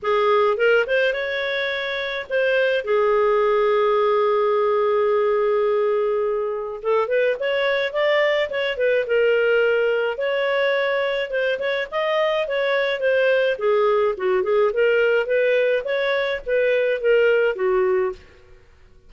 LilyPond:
\new Staff \with { instrumentName = "clarinet" } { \time 4/4 \tempo 4 = 106 gis'4 ais'8 c''8 cis''2 | c''4 gis'2.~ | gis'1 | a'8 b'8 cis''4 d''4 cis''8 b'8 |
ais'2 cis''2 | c''8 cis''8 dis''4 cis''4 c''4 | gis'4 fis'8 gis'8 ais'4 b'4 | cis''4 b'4 ais'4 fis'4 | }